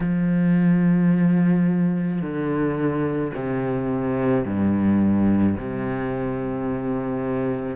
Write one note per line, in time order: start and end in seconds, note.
0.00 2.21 F3
2.21 3.32 D3
3.34 4.44 C3
4.44 5.56 G2
5.57 7.76 C3